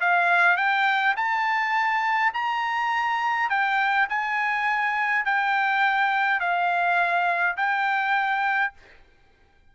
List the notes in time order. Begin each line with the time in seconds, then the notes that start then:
0.00 F5
0.56 G5
1.16 A5
2.33 A#5
3.49 G5
4.09 G#5
5.25 G5
6.39 F5
7.56 G5